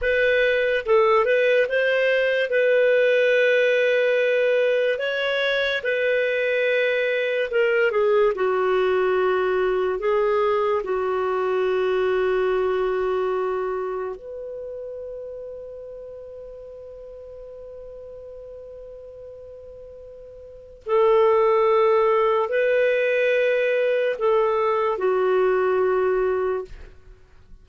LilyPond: \new Staff \with { instrumentName = "clarinet" } { \time 4/4 \tempo 4 = 72 b'4 a'8 b'8 c''4 b'4~ | b'2 cis''4 b'4~ | b'4 ais'8 gis'8 fis'2 | gis'4 fis'2.~ |
fis'4 b'2.~ | b'1~ | b'4 a'2 b'4~ | b'4 a'4 fis'2 | }